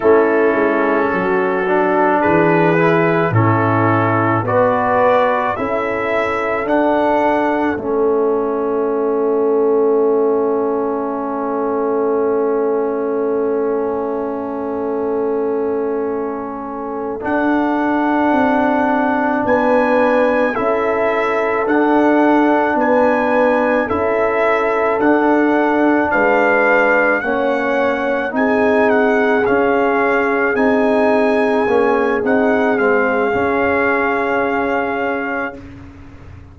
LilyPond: <<
  \new Staff \with { instrumentName = "trumpet" } { \time 4/4 \tempo 4 = 54 a'2 b'4 a'4 | d''4 e''4 fis''4 e''4~ | e''1~ | e''2.~ e''8 fis''8~ |
fis''4. gis''4 e''4 fis''8~ | fis''8 gis''4 e''4 fis''4 f''8~ | f''8 fis''4 gis''8 fis''8 f''4 gis''8~ | gis''4 fis''8 f''2~ f''8 | }
  \new Staff \with { instrumentName = "horn" } { \time 4/4 e'4 fis'4 gis'4 e'4 | b'4 a'2.~ | a'1~ | a'1~ |
a'4. b'4 a'4.~ | a'8 b'4 a'2 b'8~ | b'8 cis''4 gis'2~ gis'8~ | gis'1 | }
  \new Staff \with { instrumentName = "trombone" } { \time 4/4 cis'4. d'4 e'8 cis'4 | fis'4 e'4 d'4 cis'4~ | cis'1~ | cis'2.~ cis'8 d'8~ |
d'2~ d'8 e'4 d'8~ | d'4. e'4 d'4.~ | d'8 cis'4 dis'4 cis'4 dis'8~ | dis'8 cis'8 dis'8 c'8 cis'2 | }
  \new Staff \with { instrumentName = "tuba" } { \time 4/4 a8 gis8 fis4 e4 a,4 | b4 cis'4 d'4 a4~ | a1~ | a2.~ a8 d'8~ |
d'8 c'4 b4 cis'4 d'8~ | d'8 b4 cis'4 d'4 gis8~ | gis8 ais4 c'4 cis'4 c'8~ | c'8 ais8 c'8 gis8 cis'2 | }
>>